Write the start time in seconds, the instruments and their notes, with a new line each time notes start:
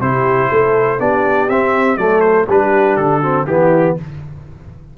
0.00 tuba C3, trombone E4, horn G4, trumpet C5
0.50 tuba A3, horn A4
0.99 tuba B3, trombone D4, horn G4, trumpet D5
1.49 tuba C4, trombone C4, trumpet E5
1.97 tuba F#3, trombone A3, horn A4, trumpet D5
2.20 trumpet C5
2.48 tuba G3, trombone D4, horn G4, trumpet B4
2.97 tuba D3, trumpet A4
3.20 trombone C4, horn F#4
3.47 tuba E3, trombone B3, horn E4, trumpet G4